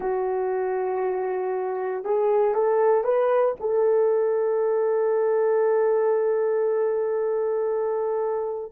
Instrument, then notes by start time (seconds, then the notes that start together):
horn
0.00 F#4
2.04 G#4
2.54 A4
3.04 B4
3.59 A4